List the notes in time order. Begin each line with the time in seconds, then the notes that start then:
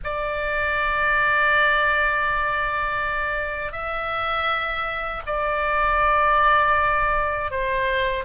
0.04 D5
3.72 E5
5.26 D5
7.50 C5